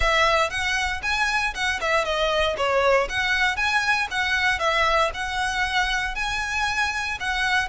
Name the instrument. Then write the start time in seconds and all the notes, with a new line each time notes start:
violin
0.00 E5
0.50 F#5
1.02 G#5
1.54 F#5
1.80 E5
2.04 D#5
2.57 C#5
3.09 F#5
3.56 G#5
4.10 F#5
4.59 E5
5.14 F#5
6.15 G#5
7.20 F#5